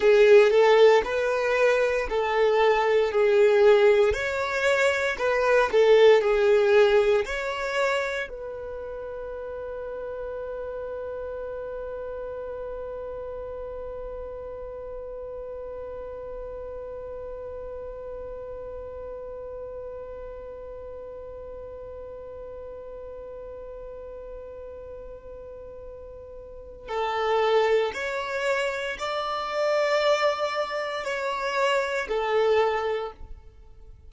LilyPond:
\new Staff \with { instrumentName = "violin" } { \time 4/4 \tempo 4 = 58 gis'8 a'8 b'4 a'4 gis'4 | cis''4 b'8 a'8 gis'4 cis''4 | b'1~ | b'1~ |
b'1~ | b'1~ | b'2 a'4 cis''4 | d''2 cis''4 a'4 | }